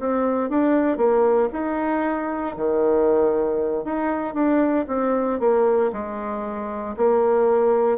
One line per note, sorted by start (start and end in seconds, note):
0.00 0.50 C4
0.50 0.98 D4
0.98 1.50 A#3
1.53 2.56 D#4
2.57 3.85 D#3
3.85 4.34 D#4
4.34 4.86 D4
4.88 5.40 C4
5.40 5.92 A#3
5.92 6.96 G#3
6.97 7.98 A#3